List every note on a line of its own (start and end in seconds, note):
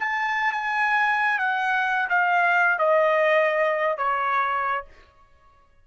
0.00 0.52 A5
0.52 1.39 G#5
1.39 2.09 F#5
2.10 2.79 F5
2.79 3.97 D#5
3.97 4.85 C#5